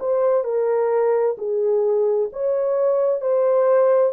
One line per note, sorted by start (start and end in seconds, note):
0.00 0.44 C5
0.44 1.36 A#4
1.38 2.30 G#4
2.32 3.21 C#5
3.21 4.13 C5